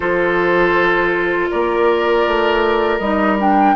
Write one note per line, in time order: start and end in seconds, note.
0.00 1.49 F3
0.00 3.00 F4
0.00 1.50 A4
0.00 1.48 C5
1.50 2.27 A#3
1.50 3.75 A#4
1.50 2.99 D5
2.27 2.99 A3
2.99 3.74 G3
2.99 3.38 D#4
2.99 3.36 D#5
3.38 3.75 D4
3.38 3.75 G5